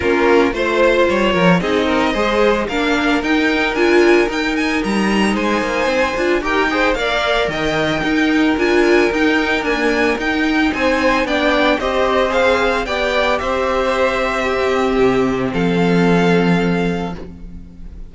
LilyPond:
<<
  \new Staff \with { instrumentName = "violin" } { \time 4/4 \tempo 4 = 112 ais'4 c''4 cis''4 dis''4~ | dis''4 f''4 g''4 gis''4 | g''8 gis''8 ais''4 gis''2 | g''4 f''4 g''2 |
gis''4 g''4 gis''4 g''4 | gis''4 g''4 dis''4 f''4 | g''4 e''2.~ | e''4 f''2. | }
  \new Staff \with { instrumentName = "violin" } { \time 4/4 f'4 c''4. ais'8 gis'8 ais'8 | c''4 ais'2.~ | ais'2 c''2 | ais'8 c''8 d''4 dis''4 ais'4~ |
ais'1 | c''4 d''4 c''2 | d''4 c''2 g'4~ | g'4 a'2. | }
  \new Staff \with { instrumentName = "viola" } { \time 4/4 cis'4 f'2 dis'4 | gis'4 d'4 dis'4 f'4 | dis'2.~ dis'8 f'8 | g'8 gis'8 ais'2 dis'4 |
f'4 dis'4 ais4 dis'4~ | dis'4 d'4 g'4 gis'4 | g'2. c'4~ | c'1 | }
  \new Staff \with { instrumentName = "cello" } { \time 4/4 ais4 a4 g8 f8 c'4 | gis4 ais4 dis'4 d'4 | dis'4 g4 gis8 ais8 c'8 d'8 | dis'4 ais4 dis4 dis'4 |
d'4 dis'4 d'4 dis'4 | c'4 b4 c'2 | b4 c'2. | c4 f2. | }
>>